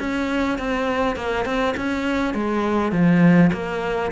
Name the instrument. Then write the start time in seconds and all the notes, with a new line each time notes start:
cello
0.00 C#4
0.59 C4
1.17 A#3
1.45 C4
1.77 C#4
2.34 G#3
2.93 F3
3.53 A#3